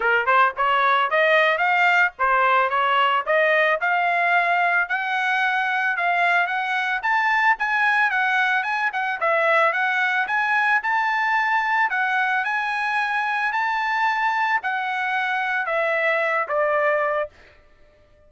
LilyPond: \new Staff \with { instrumentName = "trumpet" } { \time 4/4 \tempo 4 = 111 ais'8 c''8 cis''4 dis''4 f''4 | c''4 cis''4 dis''4 f''4~ | f''4 fis''2 f''4 | fis''4 a''4 gis''4 fis''4 |
gis''8 fis''8 e''4 fis''4 gis''4 | a''2 fis''4 gis''4~ | gis''4 a''2 fis''4~ | fis''4 e''4. d''4. | }